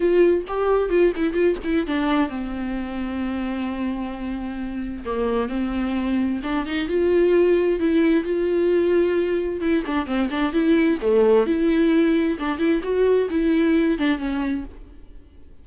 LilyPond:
\new Staff \with { instrumentName = "viola" } { \time 4/4 \tempo 4 = 131 f'4 g'4 f'8 e'8 f'8 e'8 | d'4 c'2.~ | c'2. ais4 | c'2 d'8 dis'8 f'4~ |
f'4 e'4 f'2~ | f'4 e'8 d'8 c'8 d'8 e'4 | a4 e'2 d'8 e'8 | fis'4 e'4. d'8 cis'4 | }